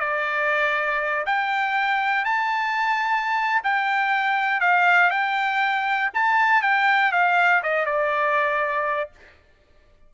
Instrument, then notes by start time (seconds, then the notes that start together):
trumpet
0.00 D5
1.26 G5
2.25 A5
3.64 G5
4.60 F5
5.10 G5
6.14 A5
6.62 G5
7.12 F5
7.63 D#5
7.85 D5